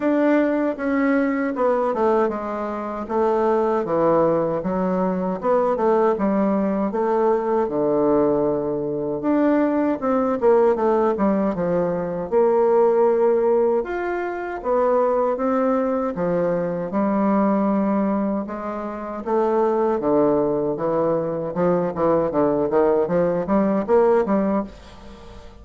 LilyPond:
\new Staff \with { instrumentName = "bassoon" } { \time 4/4 \tempo 4 = 78 d'4 cis'4 b8 a8 gis4 | a4 e4 fis4 b8 a8 | g4 a4 d2 | d'4 c'8 ais8 a8 g8 f4 |
ais2 f'4 b4 | c'4 f4 g2 | gis4 a4 d4 e4 | f8 e8 d8 dis8 f8 g8 ais8 g8 | }